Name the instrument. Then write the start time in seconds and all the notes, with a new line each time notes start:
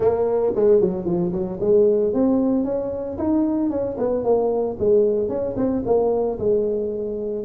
tuba
0.00 A#3
0.55 G#3
0.80 F#3
1.05 F3
1.32 F#3
1.60 G#3
2.13 C4
2.64 C#4
3.18 D#4
3.70 C#4
3.97 B3
4.24 A#3
4.79 G#3
5.29 C#4
5.56 C4
5.85 A#3
6.38 G#3